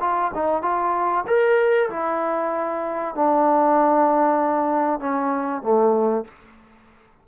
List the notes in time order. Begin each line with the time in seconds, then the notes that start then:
0.00 F4
0.34 D#4
0.62 F4
1.27 A#4
1.90 E4
3.15 D4
5.00 C#4
5.62 A3